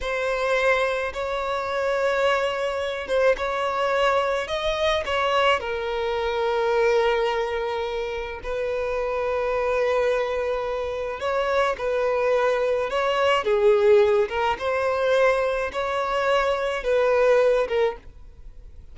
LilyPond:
\new Staff \with { instrumentName = "violin" } { \time 4/4 \tempo 4 = 107 c''2 cis''2~ | cis''4. c''8 cis''2 | dis''4 cis''4 ais'2~ | ais'2. b'4~ |
b'1 | cis''4 b'2 cis''4 | gis'4. ais'8 c''2 | cis''2 b'4. ais'8 | }